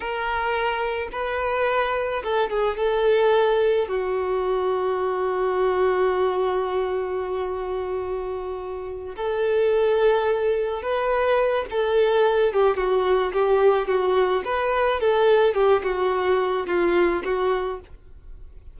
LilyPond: \new Staff \with { instrumentName = "violin" } { \time 4/4 \tempo 4 = 108 ais'2 b'2 | a'8 gis'8 a'2 fis'4~ | fis'1~ | fis'1~ |
fis'8 a'2. b'8~ | b'4 a'4. g'8 fis'4 | g'4 fis'4 b'4 a'4 | g'8 fis'4. f'4 fis'4 | }